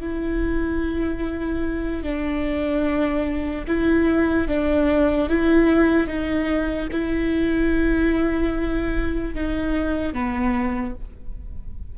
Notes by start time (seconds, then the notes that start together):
0.00 E4
2.03 D4
3.67 E4
4.47 D4
5.29 E4
6.07 D#4
6.92 E4
9.34 D#4
10.13 B3